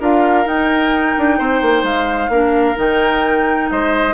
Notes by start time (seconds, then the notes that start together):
0.00 D4 F4 A#4 F5
0.45 D#4 G5
1.18 D4
1.38 C4 C5
1.61 A#3
1.83 G#3 F5
2.28 A#3 D4 A#4
2.75 D#3 D#4 G5
3.70 G#3 C5 D#5